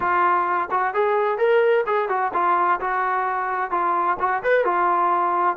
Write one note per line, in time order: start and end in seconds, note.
0.00 0.68 F4
0.70 0.93 F#4
0.93 1.37 G#4
1.37 1.84 A#4
1.86 2.08 G#4
2.08 2.32 F#4
2.33 2.80 F4
2.80 3.70 F#4
3.70 4.17 F4
4.19 4.42 F#4
4.43 4.64 B4
4.64 5.56 F4